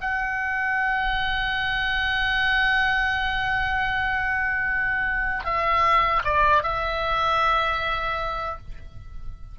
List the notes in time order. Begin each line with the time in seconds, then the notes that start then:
0.00 F#5
5.44 E5
6.24 D5
6.63 E5